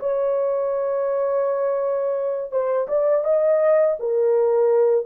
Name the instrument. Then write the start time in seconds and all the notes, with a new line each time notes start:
horn
0.00 C#5
2.51 C5
2.88 D5
3.25 D#5
4.00 A#4